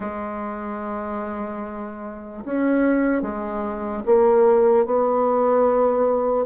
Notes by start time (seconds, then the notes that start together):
0.00 G#3
2.45 C#4
3.22 G#3
4.05 A#3
4.85 B3